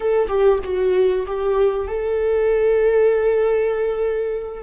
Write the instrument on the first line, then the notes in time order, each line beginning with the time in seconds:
viola
0.00 A4
0.28 G4
0.64 F#4
1.26 G4
1.87 A4